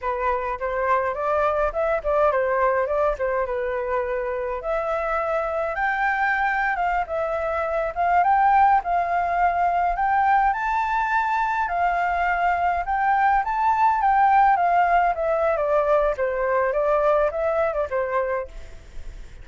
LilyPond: \new Staff \with { instrumentName = "flute" } { \time 4/4 \tempo 4 = 104 b'4 c''4 d''4 e''8 d''8 | c''4 d''8 c''8 b'2 | e''2 g''4.~ g''16 f''16~ | f''16 e''4. f''8 g''4 f''8.~ |
f''4~ f''16 g''4 a''4.~ a''16~ | a''16 f''2 g''4 a''8.~ | a''16 g''4 f''4 e''8. d''4 | c''4 d''4 e''8. d''16 c''4 | }